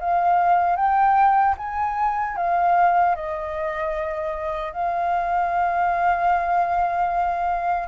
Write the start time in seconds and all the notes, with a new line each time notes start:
0.00 F5
0.76 G5
1.58 G#5
2.37 F5
3.15 D#5
4.73 F5